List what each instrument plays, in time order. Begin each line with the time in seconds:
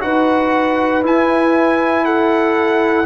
0.00 tuba D#4, trombone F#4, horn B4, trumpet F#5
1.02 trombone E4, tuba E4, trumpet G#5
2.05 horn A4, trumpet F#5